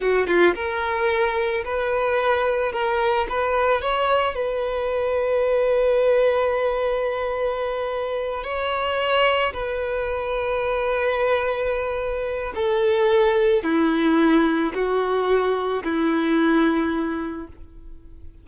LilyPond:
\new Staff \with { instrumentName = "violin" } { \time 4/4 \tempo 4 = 110 fis'8 f'8 ais'2 b'4~ | b'4 ais'4 b'4 cis''4 | b'1~ | b'2.~ b'8 cis''8~ |
cis''4. b'2~ b'8~ | b'2. a'4~ | a'4 e'2 fis'4~ | fis'4 e'2. | }